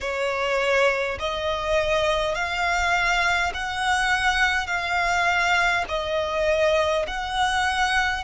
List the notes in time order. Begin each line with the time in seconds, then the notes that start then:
0.00 C#5
1.19 D#5
2.34 F5
3.53 F#5
4.66 F5
5.88 D#5
7.07 F#5